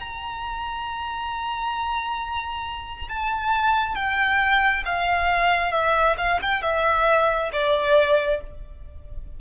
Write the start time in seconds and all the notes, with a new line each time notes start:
0.00 A#5
3.09 A5
3.95 G5
4.86 F5
5.72 E5
6.18 F5
6.42 G5
6.62 E5
7.52 D5